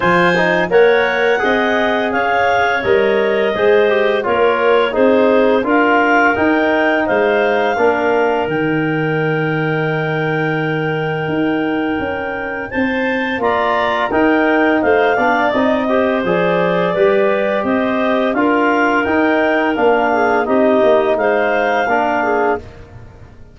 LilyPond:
<<
  \new Staff \with { instrumentName = "clarinet" } { \time 4/4 \tempo 4 = 85 gis''4 fis''2 f''4 | dis''2 cis''4 c''4 | f''4 g''4 f''2 | g''1~ |
g''2 a''4 ais''4 | g''4 f''4 dis''4 d''4~ | d''4 dis''4 f''4 g''4 | f''4 dis''4 f''2 | }
  \new Staff \with { instrumentName = "clarinet" } { \time 4/4 c''4 cis''4 dis''4 cis''4~ | cis''4 c''4 ais'4 gis'4 | ais'2 c''4 ais'4~ | ais'1~ |
ais'2 c''4 d''4 | ais'4 c''8 d''4 c''4. | b'4 c''4 ais'2~ | ais'8 gis'8 g'4 c''4 ais'8 gis'8 | }
  \new Staff \with { instrumentName = "trombone" } { \time 4/4 f'8 dis'8 ais'4 gis'2 | ais'4 gis'8 g'8 f'4 dis'4 | f'4 dis'2 d'4 | dis'1~ |
dis'2. f'4 | dis'4. d'8 dis'8 g'8 gis'4 | g'2 f'4 dis'4 | d'4 dis'2 d'4 | }
  \new Staff \with { instrumentName = "tuba" } { \time 4/4 f4 ais4 c'4 cis'4 | g4 gis4 ais4 c'4 | d'4 dis'4 gis4 ais4 | dis1 |
dis'4 cis'4 c'4 ais4 | dis'4 a8 b8 c'4 f4 | g4 c'4 d'4 dis'4 | ais4 c'8 ais8 gis4 ais4 | }
>>